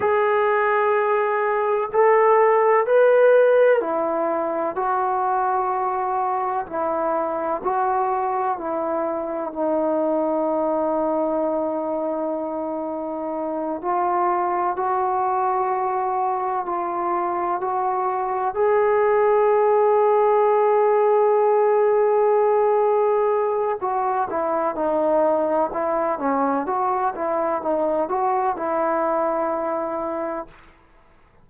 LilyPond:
\new Staff \with { instrumentName = "trombone" } { \time 4/4 \tempo 4 = 63 gis'2 a'4 b'4 | e'4 fis'2 e'4 | fis'4 e'4 dis'2~ | dis'2~ dis'8 f'4 fis'8~ |
fis'4. f'4 fis'4 gis'8~ | gis'1~ | gis'4 fis'8 e'8 dis'4 e'8 cis'8 | fis'8 e'8 dis'8 fis'8 e'2 | }